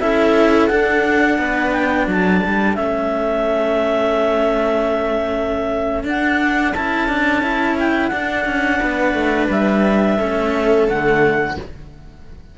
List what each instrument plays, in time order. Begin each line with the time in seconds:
0.00 cello C#4 E4, viola A4, clarinet E5
0.68 cello D4, clarinet F#5
1.38 cello B3, viola B4
1.71 clarinet G5
2.07 cello F#3, viola A4, clarinet A5
2.46 cello G3
2.75 cello A3 C#4, clarinet E5
6.03 cello D4, clarinet F#5
6.73 cello C#4 E4, clarinet A5
7.08 cello D4
7.43 cello E4
7.79 clarinet G5
8.08 cello D4, clarinet F#5
8.45 cello C#4
8.80 cello B3, viola B4
9.14 cello A3
9.49 cello G3, clarinet E5
10.17 cello A3 C#4, viola A4
10.88 cello D3 A3, clarinet F#5